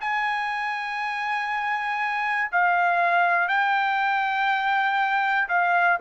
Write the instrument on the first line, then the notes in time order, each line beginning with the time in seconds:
trumpet
0.00 G#5
2.51 F5
3.48 G5
5.49 F5